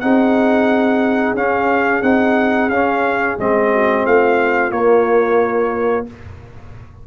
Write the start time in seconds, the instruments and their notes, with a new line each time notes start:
0.00 tuba C4, trombone D#4, horn G#4, trumpet F#5
1.33 tuba C#4, trombone C#4, trumpet F5
2.02 tuba C4, trombone D#4, trumpet F#5
2.69 tuba C#4, trombone C#4, trumpet F5
3.38 tuba G#3, trombone C4, trumpet D#5
3.71 horn F#4
4.04 tuba A3, horn F4, trumpet F5
4.71 tuba A#3, trombone A#3, trumpet C#5